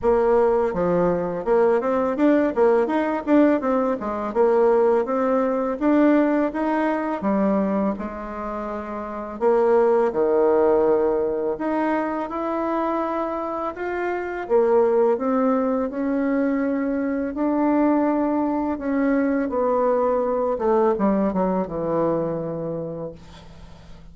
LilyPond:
\new Staff \with { instrumentName = "bassoon" } { \time 4/4 \tempo 4 = 83 ais4 f4 ais8 c'8 d'8 ais8 | dis'8 d'8 c'8 gis8 ais4 c'4 | d'4 dis'4 g4 gis4~ | gis4 ais4 dis2 |
dis'4 e'2 f'4 | ais4 c'4 cis'2 | d'2 cis'4 b4~ | b8 a8 g8 fis8 e2 | }